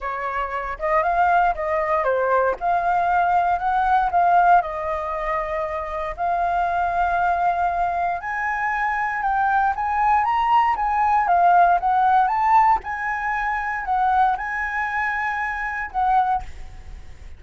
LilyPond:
\new Staff \with { instrumentName = "flute" } { \time 4/4 \tempo 4 = 117 cis''4. dis''8 f''4 dis''4 | c''4 f''2 fis''4 | f''4 dis''2. | f''1 |
gis''2 g''4 gis''4 | ais''4 gis''4 f''4 fis''4 | a''4 gis''2 fis''4 | gis''2. fis''4 | }